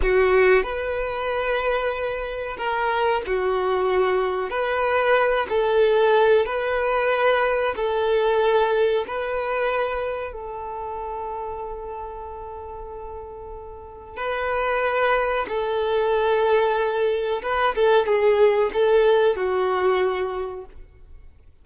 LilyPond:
\new Staff \with { instrumentName = "violin" } { \time 4/4 \tempo 4 = 93 fis'4 b'2. | ais'4 fis'2 b'4~ | b'8 a'4. b'2 | a'2 b'2 |
a'1~ | a'2 b'2 | a'2. b'8 a'8 | gis'4 a'4 fis'2 | }